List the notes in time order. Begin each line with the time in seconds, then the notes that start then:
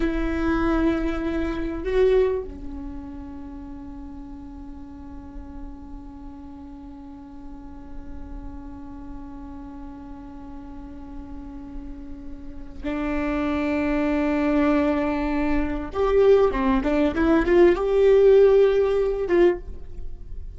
0.00 E4
1.83 F#4
2.43 C#4
12.83 D4
15.93 G4
16.51 C4
16.83 D4
17.14 E4
17.45 F4
17.75 G4
19.27 F4